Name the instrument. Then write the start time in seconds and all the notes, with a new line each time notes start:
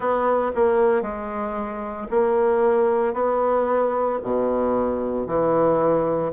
bassoon
0.00 B3
0.55 A#3
1.02 G#3
2.10 A#3
3.13 B3
4.22 B2
5.26 E3